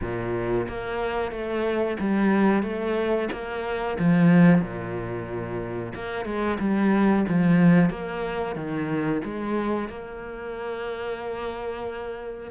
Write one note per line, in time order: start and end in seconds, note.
0.01 0.67 A#2
0.68 1.31 A#3
1.31 1.97 A3
1.99 2.62 G3
2.62 3.28 A3
3.31 3.97 A#3
3.99 4.61 F3
4.61 5.93 A#2
5.94 6.25 A#3
6.25 6.58 G#3
6.59 7.25 G3
7.28 7.89 F3
7.89 8.55 A#3
8.55 9.21 D#3
9.24 9.89 G#3
9.89 12.51 A#3